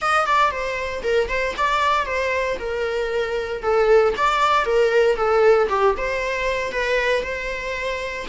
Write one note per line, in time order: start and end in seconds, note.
0.01 0.26 D#5
0.26 0.51 D5
0.51 1.02 C5
1.03 1.29 A#4
1.29 1.54 C5
1.57 2.05 D5
2.05 2.57 C5
2.59 3.62 A#4
3.62 4.14 A4
4.16 4.65 D5
4.65 5.16 A#4
5.16 5.68 A4
5.69 5.95 G4
5.97 6.72 C5
6.72 7.22 B4
7.22 8.26 C5